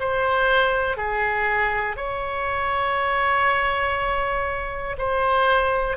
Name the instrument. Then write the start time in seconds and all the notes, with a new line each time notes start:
oboe
0.00 C5
0.97 G#4
1.97 C#5
4.99 C5